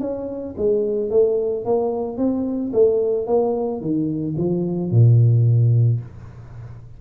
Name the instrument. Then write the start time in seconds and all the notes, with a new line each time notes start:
tuba
0.00 C#4
0.57 G#3
1.10 A3
1.65 A#3
2.17 C4
2.73 A3
3.26 A#3
3.81 D#3
4.37 F3
4.91 A#2